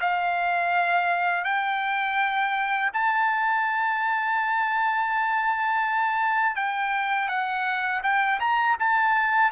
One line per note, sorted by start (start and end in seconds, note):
0.00 1.44 F5
1.44 2.90 G5
2.93 6.55 A5
6.55 7.28 G5
7.28 8.01 F#5
8.03 8.39 G5
8.39 8.76 A#5
8.79 9.51 A5